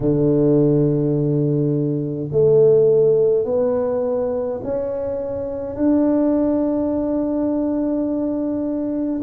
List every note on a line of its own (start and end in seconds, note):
0.00 2.29 D3
2.31 3.45 A3
3.45 4.60 B3
4.63 5.75 C#4
5.75 9.22 D4